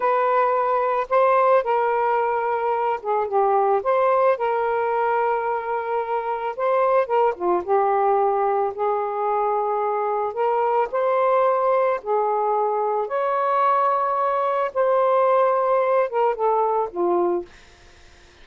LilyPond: \new Staff \with { instrumentName = "saxophone" } { \time 4/4 \tempo 4 = 110 b'2 c''4 ais'4~ | ais'4. gis'8 g'4 c''4 | ais'1 | c''4 ais'8 f'8 g'2 |
gis'2. ais'4 | c''2 gis'2 | cis''2. c''4~ | c''4. ais'8 a'4 f'4 | }